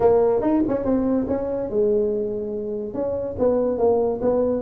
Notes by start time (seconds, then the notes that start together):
0.00 A#3
0.41 D#4
0.68 C#4
0.84 C4
1.28 C#4
1.70 G#3
2.94 C#4
3.38 B3
3.78 A#3
4.21 B3